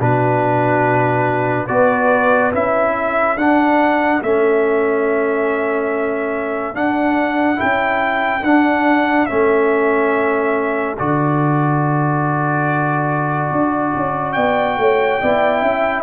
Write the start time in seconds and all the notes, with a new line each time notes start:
0.00 B2 D4 F#4 B4
1.67 B3 F#4 B4 D5
2.53 C#4 E4 E5
2.95 A4
3.37 D4 F#5
4.22 A3 C#4 E5
6.74 D4 F#5
7.56 E4 G5
7.62 C#4
8.43 D4 F#5
9.26 A3 C#4 E5
10.98 D3 F#4 D5
13.51 D4
13.96 C#4
14.33 B3 D5 G5
14.78 A3 C#5
15.21 B3 E4 D5
15.61 C#4 E5